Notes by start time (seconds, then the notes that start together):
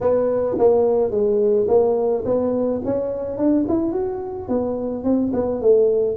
0.01 B3
0.58 A#3
1.10 G#3
1.67 A#3
2.25 B3
2.84 C#4
3.37 D4
3.68 E4
3.92 F#4
4.48 B3
5.03 C4
5.33 B3
5.61 A3